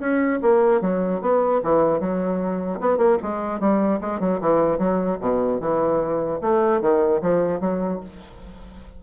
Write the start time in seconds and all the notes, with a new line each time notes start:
0.00 C#4
0.42 A#3
0.82 F#3
1.22 B3
1.64 E3
2.01 F#3
2.81 B3
2.98 A#3
3.23 G#3
3.61 G3
4.01 G#3
4.20 F#3
4.41 E3
4.79 F#3
5.21 B2
5.61 E3
6.42 A3
6.82 D#3
7.22 F3
7.61 F#3